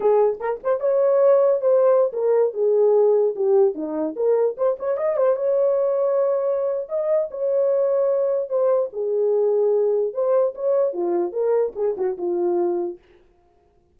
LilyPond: \new Staff \with { instrumentName = "horn" } { \time 4/4 \tempo 4 = 148 gis'4 ais'8 c''8 cis''2 | c''4~ c''16 ais'4 gis'4.~ gis'16~ | gis'16 g'4 dis'4 ais'4 c''8 cis''16~ | cis''16 dis''8 c''8 cis''2~ cis''8.~ |
cis''4 dis''4 cis''2~ | cis''4 c''4 gis'2~ | gis'4 c''4 cis''4 f'4 | ais'4 gis'8 fis'8 f'2 | }